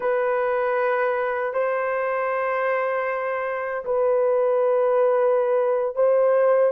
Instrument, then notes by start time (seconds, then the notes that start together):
horn
0.00 B4
1.53 C5
3.84 B4
5.95 C5